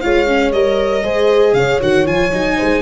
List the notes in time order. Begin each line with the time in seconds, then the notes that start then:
0.00 G#3 F4 C#5 F5
0.27 C#4
0.52 G3 A#4 D#5
1.04 G#3 G#4 C5
1.53 C#3 C#5 F5
1.80 D#3 F#4 F#5
2.05 F3 F4 G#5
2.32 F#3 D#4
2.57 G#3 C5